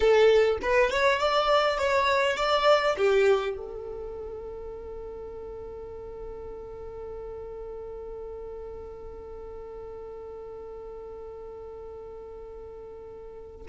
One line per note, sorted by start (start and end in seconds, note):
0.00 0.58 A4
0.62 0.90 B4
0.90 1.19 C#5
1.19 1.78 D5
1.78 2.36 C#5
2.36 2.96 D5
2.97 3.56 G4
3.56 13.66 A4